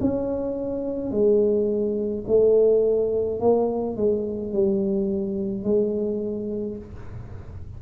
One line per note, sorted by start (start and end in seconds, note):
0.00 1.11 C#4
1.11 2.24 G#3
2.27 3.40 A3
3.40 3.96 A#3
3.96 4.52 G#3
4.52 5.63 G3
5.63 6.76 G#3